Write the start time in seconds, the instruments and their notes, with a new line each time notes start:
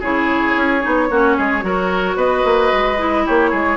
0.00 bassoon C#3, clarinet E4, oboe G#4, flute C#5
0.56 bassoon C#4
0.82 bassoon B3, clarinet D#4
1.10 bassoon A#3, clarinet C#4, oboe F#4
1.37 bassoon G#3, oboe G#4
1.62 bassoon F#3, clarinet F#4, oboe A#4
2.16 bassoon B3, oboe B4, flute D#5
2.45 bassoon A#3
2.73 bassoon G#3
2.98 clarinet E4
3.26 bassoon A#3, oboe G4, flute C#5
3.51 bassoon G#3, oboe G#4